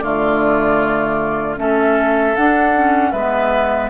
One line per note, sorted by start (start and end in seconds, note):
0.00 1.58 D3
0.00 1.57 A3
0.00 1.59 F4
0.00 1.56 D5
1.57 2.36 A3
1.57 2.35 C#4
1.57 3.12 A4
1.57 2.36 E5
2.36 3.13 D4
2.36 2.75 D4
2.36 3.12 F#5
2.75 3.14 C#4
3.12 3.90 G#3
3.12 3.90 B3
3.12 3.90 B4
3.12 3.89 E5